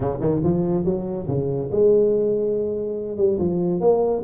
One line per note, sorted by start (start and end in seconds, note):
0.00 0.18 C#3
0.20 0.41 D#3
0.43 0.84 F3
0.84 1.27 F#3
1.27 1.69 C#3
1.71 3.17 G#3
3.17 3.38 G3
3.38 3.80 F3
3.80 4.22 A#3